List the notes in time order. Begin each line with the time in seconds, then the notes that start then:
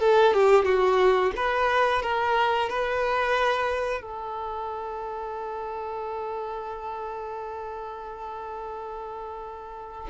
0.00 A4
0.33 G4
0.65 F#4
1.36 B4
2.02 A#4
2.70 B4
4.01 A4